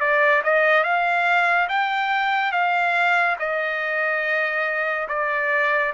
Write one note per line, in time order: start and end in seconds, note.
0.00 0.42 D5
0.44 0.84 D#5
0.84 1.68 F5
1.69 2.52 G5
2.52 3.36 F5
3.39 5.08 D#5
5.09 5.93 D5